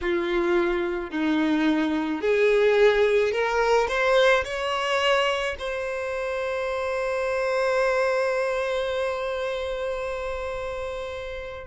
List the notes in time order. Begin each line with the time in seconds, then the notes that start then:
0.01 F4
1.10 D#4
2.21 G#4
3.31 A#4
3.88 C5
4.44 C#5
5.59 C5